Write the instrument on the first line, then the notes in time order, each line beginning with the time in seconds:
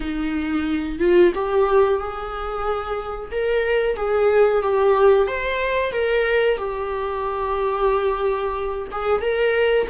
viola
0.00 D#4
0.99 F4
1.35 G4
1.99 G#4
3.31 A#4
3.96 G#4
4.62 G4
5.27 C5
5.92 A#4
6.57 G4
8.91 G#4
9.21 A#4